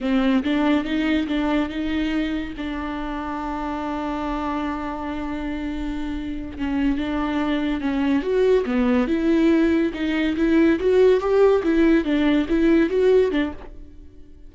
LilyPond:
\new Staff \with { instrumentName = "viola" } { \time 4/4 \tempo 4 = 142 c'4 d'4 dis'4 d'4 | dis'2 d'2~ | d'1~ | d'2.~ d'8 cis'8~ |
cis'8 d'2 cis'4 fis'8~ | fis'8 b4 e'2 dis'8~ | dis'8 e'4 fis'4 g'4 e'8~ | e'8 d'4 e'4 fis'4 d'8 | }